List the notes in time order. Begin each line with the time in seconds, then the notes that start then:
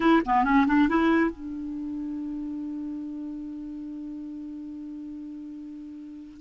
0.00 E4
0.25 B3
0.44 C#4
0.66 D4
0.88 E4
1.30 D4